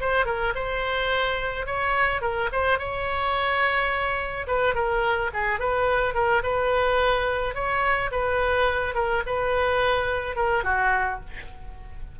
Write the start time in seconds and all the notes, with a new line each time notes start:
0.00 C5
0.25 A#4
0.55 C5
1.66 C#5
2.21 A#4
2.52 C5
2.78 C#5
4.47 B4
4.74 A#4
5.33 G#4
5.59 B4
6.14 A#4
6.43 B4
7.54 C#5
8.11 B4
8.94 A#4
9.26 B4
10.36 A#4
10.64 F#4